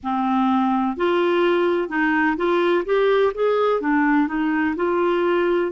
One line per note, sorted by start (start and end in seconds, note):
0.03 0.97 C4
0.97 1.88 F4
1.88 2.36 D#4
2.36 2.84 F4
2.85 3.32 G4
3.34 3.81 G#4
3.81 4.27 D4
4.27 4.75 D#4
4.76 5.71 F4